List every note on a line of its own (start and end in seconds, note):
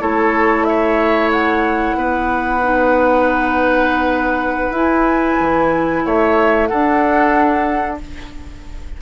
0.00 1.96 A3
0.00 2.61 E4
0.00 0.66 A4
0.00 0.64 C#5
0.64 1.97 C#5
0.64 1.30 E5
1.32 4.74 F#5
1.96 4.70 B3
1.96 6.04 B4
2.63 4.74 D#4
4.70 5.35 E4
4.70 6.70 E4
4.76 6.06 G#5
5.40 6.05 E3
6.05 6.71 A3
6.05 6.69 C#5
6.05 6.67 E5
6.67 8.01 D4
6.67 8.02 D4
6.67 8.00 A4
6.67 7.98 F#5